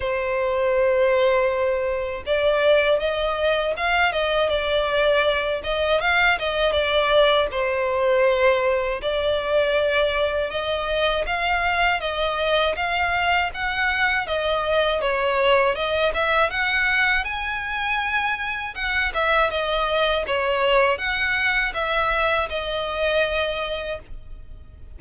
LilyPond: \new Staff \with { instrumentName = "violin" } { \time 4/4 \tempo 4 = 80 c''2. d''4 | dis''4 f''8 dis''8 d''4. dis''8 | f''8 dis''8 d''4 c''2 | d''2 dis''4 f''4 |
dis''4 f''4 fis''4 dis''4 | cis''4 dis''8 e''8 fis''4 gis''4~ | gis''4 fis''8 e''8 dis''4 cis''4 | fis''4 e''4 dis''2 | }